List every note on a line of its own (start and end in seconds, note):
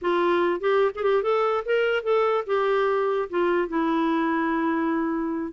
0.01 0.60 F4
0.60 0.91 G4
0.95 1.03 G#4
1.03 1.22 G4
1.22 1.63 A4
1.65 2.03 A#4
2.03 2.44 A4
2.46 3.28 G4
3.29 3.68 F4
3.68 5.52 E4